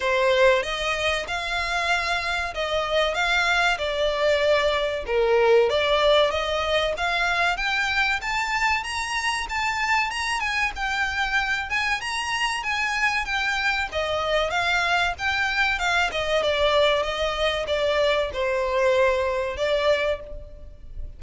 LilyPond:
\new Staff \with { instrumentName = "violin" } { \time 4/4 \tempo 4 = 95 c''4 dis''4 f''2 | dis''4 f''4 d''2 | ais'4 d''4 dis''4 f''4 | g''4 a''4 ais''4 a''4 |
ais''8 gis''8 g''4. gis''8 ais''4 | gis''4 g''4 dis''4 f''4 | g''4 f''8 dis''8 d''4 dis''4 | d''4 c''2 d''4 | }